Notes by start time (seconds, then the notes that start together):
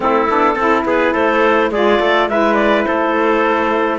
0.00 A3 C4 E4 A4
0.28 B3 D4
0.54 C4 E4 A4
0.85 B3 G#4 B4
1.12 A3 A4 C5
1.70 G#3 F4 G#4 D5
2.00 A3 A4
2.28 G#3 E4 B4 E5
2.54 D5
2.84 A3 A4 C5